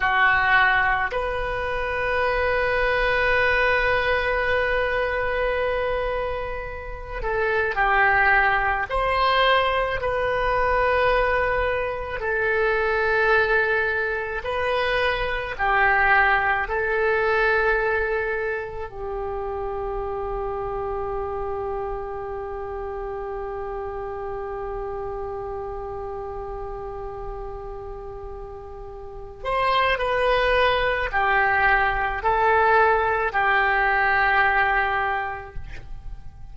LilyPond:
\new Staff \with { instrumentName = "oboe" } { \time 4/4 \tempo 4 = 54 fis'4 b'2.~ | b'2~ b'8 a'8 g'4 | c''4 b'2 a'4~ | a'4 b'4 g'4 a'4~ |
a'4 g'2.~ | g'1~ | g'2~ g'8 c''8 b'4 | g'4 a'4 g'2 | }